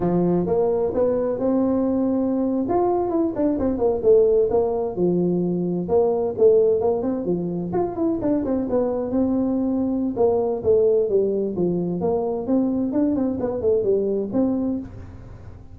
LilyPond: \new Staff \with { instrumentName = "tuba" } { \time 4/4 \tempo 4 = 130 f4 ais4 b4 c'4~ | c'4.~ c'16 f'4 e'8 d'8 c'16~ | c'16 ais8 a4 ais4 f4~ f16~ | f8. ais4 a4 ais8 c'8 f16~ |
f8. f'8 e'8 d'8 c'8 b4 c'16~ | c'2 ais4 a4 | g4 f4 ais4 c'4 | d'8 c'8 b8 a8 g4 c'4 | }